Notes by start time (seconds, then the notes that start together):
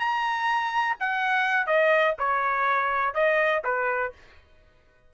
0.00 A#5
1.00 F#5
1.67 D#5
2.19 C#5
3.15 D#5
3.65 B4